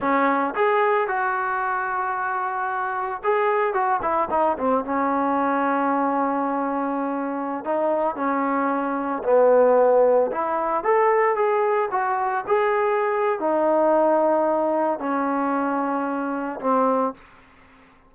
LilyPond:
\new Staff \with { instrumentName = "trombone" } { \time 4/4 \tempo 4 = 112 cis'4 gis'4 fis'2~ | fis'2 gis'4 fis'8 e'8 | dis'8 c'8 cis'2.~ | cis'2~ cis'16 dis'4 cis'8.~ |
cis'4~ cis'16 b2 e'8.~ | e'16 a'4 gis'4 fis'4 gis'8.~ | gis'4 dis'2. | cis'2. c'4 | }